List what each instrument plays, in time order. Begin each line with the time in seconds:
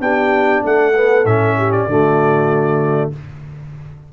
0.00 tuba B3, trombone D4, horn G4, trumpet G5
0.64 tuba A3, horn A4, trumpet F#5
0.94 trombone B3
1.25 tuba A2, trombone C#4, trumpet E5
1.57 horn G4
1.72 trumpet D5
1.87 tuba D3, trombone A3, horn F#4